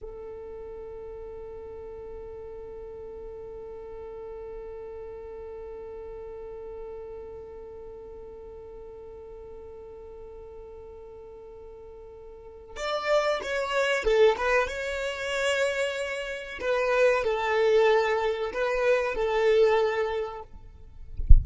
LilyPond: \new Staff \with { instrumentName = "violin" } { \time 4/4 \tempo 4 = 94 a'1~ | a'1~ | a'1~ | a'1~ |
a'1 | d''4 cis''4 a'8 b'8 cis''4~ | cis''2 b'4 a'4~ | a'4 b'4 a'2 | }